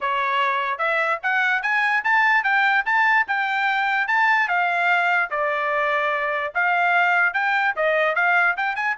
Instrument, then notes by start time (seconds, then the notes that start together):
trumpet
0.00 C#5
0.78 E5
1.22 F#5
1.62 G#5
2.04 A5
2.43 G5
2.85 A5
3.27 G5
4.07 A5
4.48 F5
5.30 D5
6.54 F5
7.33 G5
7.76 D#5
8.15 F5
8.56 G5
8.75 G#5